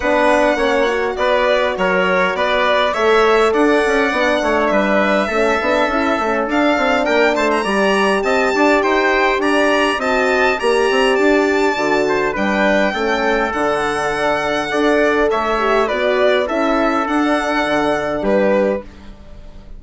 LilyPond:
<<
  \new Staff \with { instrumentName = "violin" } { \time 4/4 \tempo 4 = 102 fis''2 d''4 cis''4 | d''4 e''4 fis''2 | e''2. f''4 | g''8 a''16 ais''4~ ais''16 a''4 g''4 |
ais''4 a''4 ais''4 a''4~ | a''4 g''2 fis''4~ | fis''2 e''4 d''4 | e''4 fis''2 b'4 | }
  \new Staff \with { instrumentName = "trumpet" } { \time 4/4 b'4 cis''4 b'4 ais'4 | b'4 cis''4 d''4. cis''8 | b'4 a'2. | ais'8 c''8 d''4 dis''8 d''8 c''4 |
d''4 dis''4 d''2~ | d''8 c''8 b'4 a'2~ | a'4 d''4 cis''4 b'4 | a'2. g'4 | }
  \new Staff \with { instrumentName = "horn" } { \time 4/4 d'4 cis'8 fis'2~ fis'8~ | fis'4 a'2 d'4~ | d'4 cis'8 d'8 e'8 cis'8 d'4~ | d'4 g'2.~ |
g'4 fis'4 g'2 | fis'4 d'4 cis'4 d'4~ | d'4 a'4. g'8 fis'4 | e'4 d'2. | }
  \new Staff \with { instrumentName = "bassoon" } { \time 4/4 b4 ais4 b4 fis4 | b4 a4 d'8 cis'8 b8 a8 | g4 a8 b8 cis'8 a8 d'8 c'8 | ais8 a8 g4 c'8 d'8 dis'4 |
d'4 c'4 ais8 c'8 d'4 | d4 g4 a4 d4~ | d4 d'4 a4 b4 | cis'4 d'4 d4 g4 | }
>>